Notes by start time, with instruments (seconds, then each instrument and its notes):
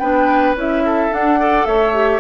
0.00 bassoon B3, clarinet D4, oboe B4, flute G5
0.55 bassoon C#4, clarinet E4, flute E5
0.86 oboe A4
1.11 clarinet D4, bassoon D4, flute F#5
1.39 clarinet A4, oboe D5
1.66 bassoon A3, oboe C#5, flute E5
1.94 clarinet G4